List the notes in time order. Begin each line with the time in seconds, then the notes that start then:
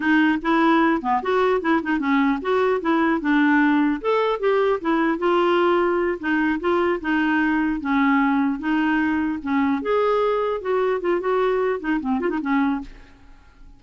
0.00 D#4
0.42 E4
1.01 B3
1.22 F#4
1.61 E4
1.82 D#4
1.99 C#4
2.41 F#4
2.81 E4
3.20 D4
4.01 A4
4.39 G4
4.80 E4
5.18 F4
6.19 D#4
6.59 F4
7.01 D#4
7.80 C#4
8.59 D#4
9.42 C#4
9.81 G#4
10.61 F#4
11.01 F4
11.20 F#4
11.80 D#4
12.00 C4
12.20 F4
12.29 D#4
12.41 C#4